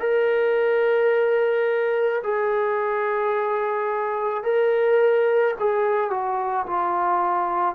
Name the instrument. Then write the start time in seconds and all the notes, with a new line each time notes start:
trombone
0.00 A#4
2.23 G#4
4.43 A#4
5.60 G#4
6.10 F#4
6.67 F4